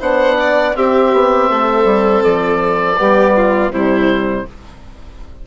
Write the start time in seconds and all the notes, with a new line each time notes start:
0.00 B3 D4 C5 F#5
0.40 D5
0.73 C4 G4 E5
1.13 B3
1.49 A3 A4
1.84 G3
2.24 F3 D5
2.97 G3 B3 G4
3.36 F4
3.70 C3 G3 E4 C5